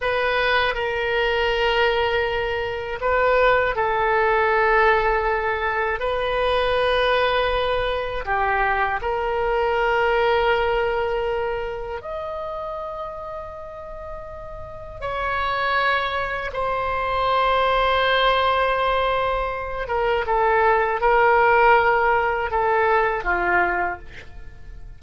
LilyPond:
\new Staff \with { instrumentName = "oboe" } { \time 4/4 \tempo 4 = 80 b'4 ais'2. | b'4 a'2. | b'2. g'4 | ais'1 |
dis''1 | cis''2 c''2~ | c''2~ c''8 ais'8 a'4 | ais'2 a'4 f'4 | }